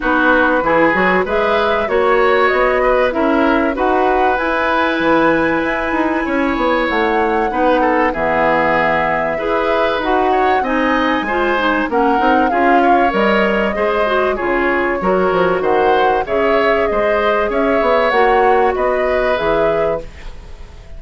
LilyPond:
<<
  \new Staff \with { instrumentName = "flute" } { \time 4/4 \tempo 4 = 96 b'2 e''4 cis''4 | dis''4 e''4 fis''4 gis''4~ | gis''2. fis''4~ | fis''4 e''2. |
fis''4 gis''2 fis''4 | f''4 dis''2 cis''4~ | cis''4 fis''4 e''4 dis''4 | e''4 fis''4 dis''4 e''4 | }
  \new Staff \with { instrumentName = "oboe" } { \time 4/4 fis'4 gis'4 b'4 cis''4~ | cis''8 b'8 ais'4 b'2~ | b'2 cis''2 | b'8 a'8 gis'2 b'4~ |
b'8 cis''8 dis''4 c''4 ais'4 | gis'8 cis''4. c''4 gis'4 | ais'4 c''4 cis''4 c''4 | cis''2 b'2 | }
  \new Staff \with { instrumentName = "clarinet" } { \time 4/4 dis'4 e'8 fis'8 gis'4 fis'4~ | fis'4 e'4 fis'4 e'4~ | e'1 | dis'4 b2 gis'4 |
fis'4 dis'4 f'8 dis'8 cis'8 dis'8 | f'4 ais'4 gis'8 fis'8 f'4 | fis'2 gis'2~ | gis'4 fis'2 gis'4 | }
  \new Staff \with { instrumentName = "bassoon" } { \time 4/4 b4 e8 fis8 gis4 ais4 | b4 cis'4 dis'4 e'4 | e4 e'8 dis'8 cis'8 b8 a4 | b4 e2 e'4 |
dis'4 c'4 gis4 ais8 c'8 | cis'4 g4 gis4 cis4 | fis8 f8 dis4 cis4 gis4 | cis'8 b8 ais4 b4 e4 | }
>>